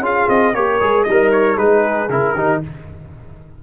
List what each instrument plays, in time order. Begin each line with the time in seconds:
0.00 tuba C#4, trombone F4, horn G#4, trumpet F5
0.29 tuba C4, trumpet D#5
0.55 tuba A#3, trombone G4, horn A#4, trumpet C#5
0.80 tuba G#3, trombone G#4
1.04 tuba G3, horn D#4, trumpet D#5
1.11 trombone A#4
1.32 trumpet C#5
1.57 tuba G#3, trombone D#4, horn G#4, trumpet B4
2.09 tuba C#3, trombone E4, trumpet A#4
2.34 tuba D#3, trombone D#4, horn G4